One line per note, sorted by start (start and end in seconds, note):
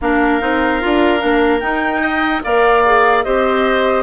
0.01 0.41 A#3
0.01 0.40 D4
0.01 2.01 A#4
0.01 1.60 F5
0.40 0.82 C4
0.40 0.80 D#4
0.80 1.23 D4
0.80 1.19 F4
1.19 1.61 A#3
1.19 1.59 D4
1.60 2.42 D#4
1.60 2.41 G5
2.01 2.42 D#5
2.43 3.25 A#3
2.43 2.83 A#4
2.43 3.24 D5
2.43 3.23 F5
2.85 3.24 G#4
3.23 4.03 C4
3.23 4.03 G4
3.23 4.03 C5
3.23 4.03 D#5